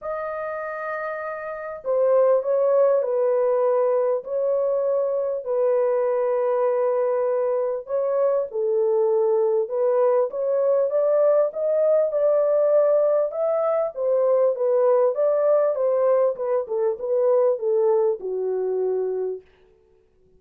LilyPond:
\new Staff \with { instrumentName = "horn" } { \time 4/4 \tempo 4 = 99 dis''2. c''4 | cis''4 b'2 cis''4~ | cis''4 b'2.~ | b'4 cis''4 a'2 |
b'4 cis''4 d''4 dis''4 | d''2 e''4 c''4 | b'4 d''4 c''4 b'8 a'8 | b'4 a'4 fis'2 | }